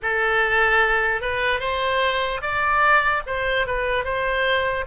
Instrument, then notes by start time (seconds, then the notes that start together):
oboe
0.02 A4
1.21 B4
1.60 C5
2.41 D5
3.26 C5
3.66 B4
4.04 C5